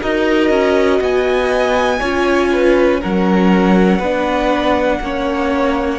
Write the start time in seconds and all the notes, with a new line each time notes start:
0.00 D#4 F#4 A#4 D#5
0.50 C#4
1.00 B3 D#5 G#5
1.99 C#4 F4 C#5
2.52 B4
3.00 F#3 C#4 A#4 F#5
3.98 B3 D4 B4
5.00 A#3 C#4 C#5